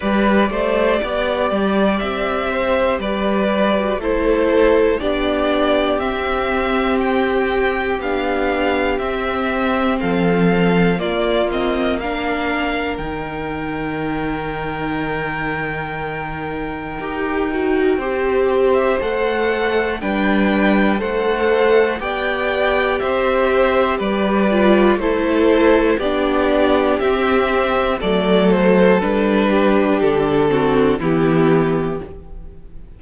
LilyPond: <<
  \new Staff \with { instrumentName = "violin" } { \time 4/4 \tempo 4 = 60 d''2 e''4 d''4 | c''4 d''4 e''4 g''4 | f''4 e''4 f''4 d''8 dis''8 | f''4 g''2.~ |
g''2~ g''8. e''16 fis''4 | g''4 fis''4 g''4 e''4 | d''4 c''4 d''4 e''4 | d''8 c''8 b'4 a'4 g'4 | }
  \new Staff \with { instrumentName = "violin" } { \time 4/4 b'8 c''8 d''4. c''8 b'4 | a'4 g'2.~ | g'2 a'4 f'4 | ais'1~ |
ais'2 c''2 | b'4 c''4 d''4 c''4 | b'4 a'4 g'2 | a'4. g'4 fis'8 e'4 | }
  \new Staff \with { instrumentName = "viola" } { \time 4/4 g'2.~ g'8. fis'16 | e'4 d'4 c'2 | d'4 c'2 ais8 c'8 | d'4 dis'2.~ |
dis'4 g'8 fis'8 g'4 a'4 | d'4 a'4 g'2~ | g'8 f'8 e'4 d'4 c'4 | a4 d'4. c'8 b4 | }
  \new Staff \with { instrumentName = "cello" } { \time 4/4 g8 a8 b8 g8 c'4 g4 | a4 b4 c'2 | b4 c'4 f4 ais4~ | ais4 dis2.~ |
dis4 dis'4 c'4 a4 | g4 a4 b4 c'4 | g4 a4 b4 c'4 | fis4 g4 d4 e4 | }
>>